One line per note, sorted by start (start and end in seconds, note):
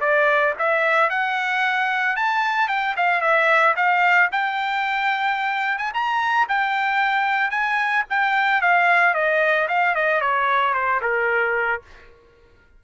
0.00 0.54 D5
0.58 1.10 E5
1.10 2.16 F#5
2.16 2.68 A5
2.68 2.95 G5
2.96 3.21 F5
3.21 3.75 E5
3.76 4.30 F5
4.32 5.78 G5
5.78 5.91 G#5
5.94 6.47 A#5
6.48 7.50 G5
7.50 8.04 G#5
8.10 8.61 G5
8.61 9.14 F5
9.14 9.68 D#5
9.68 9.95 F5
9.95 10.21 D#5
10.21 10.74 C#5
10.74 11.01 C5
11.01 11.82 A#4